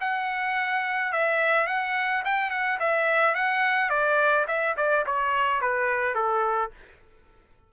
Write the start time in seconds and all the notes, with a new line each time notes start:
0.00 F#5
1.12 E5
1.66 F#5
2.25 G5
2.50 F#5
2.79 E5
3.34 F#5
3.89 D5
4.47 E5
4.77 D5
5.06 C#5
5.61 B4
6.15 A4